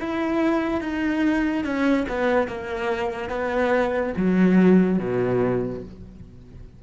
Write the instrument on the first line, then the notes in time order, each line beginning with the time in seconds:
cello
0.00 E4
0.81 D#4
1.64 C#4
2.08 B3
2.48 A#3
3.29 B3
4.17 F#3
4.98 B2